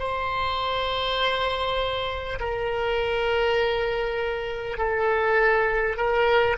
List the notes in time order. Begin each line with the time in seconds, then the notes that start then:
0.00 C5
2.40 A#4
4.78 A4
5.97 A#4